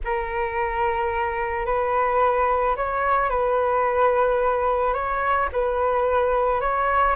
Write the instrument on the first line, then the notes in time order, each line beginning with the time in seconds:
flute
0.04 A#4
1.65 B4
2.76 C#5
3.29 B4
4.93 C#5
5.52 B4
6.60 C#5